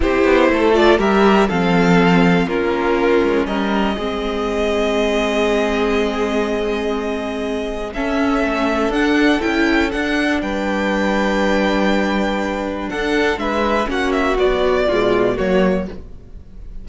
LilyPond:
<<
  \new Staff \with { instrumentName = "violin" } { \time 4/4 \tempo 4 = 121 c''4. d''8 e''4 f''4~ | f''4 ais'2 dis''4~ | dis''1~ | dis''1 |
e''2 fis''4 g''4 | fis''4 g''2.~ | g''2 fis''4 e''4 | fis''8 e''8 d''2 cis''4 | }
  \new Staff \with { instrumentName = "violin" } { \time 4/4 g'4 a'4 ais'4 a'4~ | a'4 f'2 ais'4 | gis'1~ | gis'1 |
a'1~ | a'4 b'2.~ | b'2 a'4 b'4 | fis'2 f'4 fis'4 | }
  \new Staff \with { instrumentName = "viola" } { \time 4/4 e'4. f'8 g'4 c'4~ | c'4 cis'2. | c'1~ | c'1 |
cis'2 d'4 e'4 | d'1~ | d'1 | cis'4 fis4 gis4 ais4 | }
  \new Staff \with { instrumentName = "cello" } { \time 4/4 c'8 b8 a4 g4 f4~ | f4 ais4. gis8 g4 | gis1~ | gis1 |
cis'4 a4 d'4 cis'4 | d'4 g2.~ | g2 d'4 gis4 | ais4 b4 b,4 fis4 | }
>>